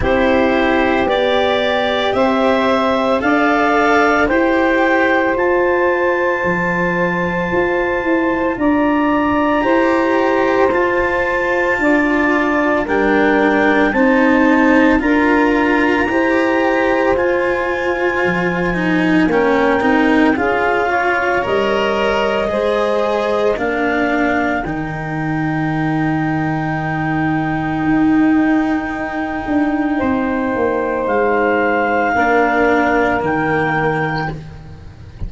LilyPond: <<
  \new Staff \with { instrumentName = "clarinet" } { \time 4/4 \tempo 4 = 56 c''4 d''4 e''4 f''4 | g''4 a''2. | ais''2 a''2 | g''4 a''4 ais''2 |
gis''2 g''4 f''4 | dis''2 f''4 g''4~ | g''1~ | g''4 f''2 g''4 | }
  \new Staff \with { instrumentName = "saxophone" } { \time 4/4 g'2 c''4 d''4 | c''1 | d''4 c''2 d''4 | ais'4 c''4 ais'4 c''4~ |
c''2 ais'4 gis'8 cis''8~ | cis''4 c''4 ais'2~ | ais'1 | c''2 ais'2 | }
  \new Staff \with { instrumentName = "cello" } { \time 4/4 e'4 g'2 a'4 | g'4 f'2.~ | f'4 g'4 f'2 | d'4 dis'4 f'4 g'4 |
f'4. dis'8 cis'8 dis'8 f'4 | ais'4 gis'4 d'4 dis'4~ | dis'1~ | dis'2 d'4 ais4 | }
  \new Staff \with { instrumentName = "tuba" } { \time 4/4 c'4 b4 c'4 d'4 | e'4 f'4 f4 f'8 e'8 | d'4 e'4 f'4 d'4 | g4 c'4 d'4 e'4 |
f'4 f4 ais8 c'8 cis'4 | g4 gis4 ais4 dis4~ | dis2 dis'4. d'8 | c'8 ais8 gis4 ais4 dis4 | }
>>